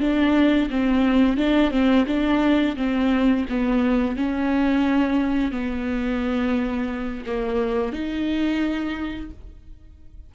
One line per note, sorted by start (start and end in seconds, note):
0.00 0.69 D4
0.70 1.37 C4
1.37 1.71 D4
1.71 2.05 C4
2.07 2.76 D4
2.76 3.45 C4
3.49 4.16 B3
4.16 5.51 C#4
5.51 7.24 B3
7.26 7.92 A#3
7.92 9.30 D#4